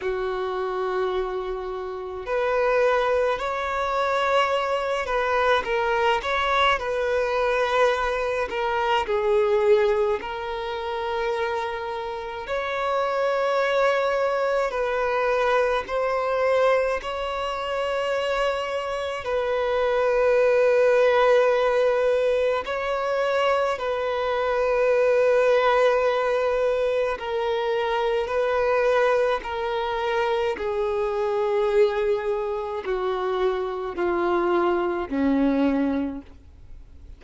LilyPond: \new Staff \with { instrumentName = "violin" } { \time 4/4 \tempo 4 = 53 fis'2 b'4 cis''4~ | cis''8 b'8 ais'8 cis''8 b'4. ais'8 | gis'4 ais'2 cis''4~ | cis''4 b'4 c''4 cis''4~ |
cis''4 b'2. | cis''4 b'2. | ais'4 b'4 ais'4 gis'4~ | gis'4 fis'4 f'4 cis'4 | }